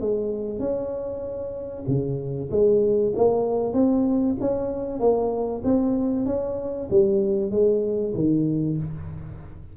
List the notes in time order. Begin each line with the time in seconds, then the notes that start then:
0.00 G#3
0.59 C#4
1.87 C#3
2.51 G#3
3.15 A#3
3.73 C4
4.40 C#4
4.99 A#3
5.64 C4
6.25 C#4
6.90 G3
7.51 G#3
8.14 D#3